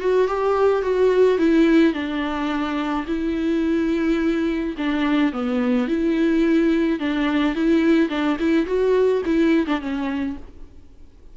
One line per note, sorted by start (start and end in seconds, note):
0.00 0.28 F#4
0.28 0.82 G4
0.82 1.38 F#4
1.38 1.93 E4
1.93 3.06 D4
3.07 4.75 E4
4.77 5.33 D4
5.33 5.88 B3
5.88 6.99 E4
6.99 7.55 D4
7.55 8.09 E4
8.09 8.37 D4
8.40 8.66 E4
8.66 9.22 F#4
9.25 9.67 E4
9.67 9.81 D4
9.81 10.37 C#4